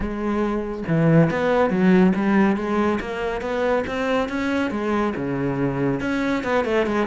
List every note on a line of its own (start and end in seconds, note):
0.00 0.83 G#3
0.87 1.30 E3
1.30 1.70 B3
1.70 2.13 F#3
2.15 2.56 G3
2.56 2.99 G#3
3.00 3.41 A#3
3.41 3.84 B3
3.86 4.28 C4
4.28 4.70 C#4
4.70 5.13 G#3
5.16 6.00 C#3
6.00 6.43 C#4
6.43 6.64 B3
6.64 6.86 A3
6.86 7.06 G#3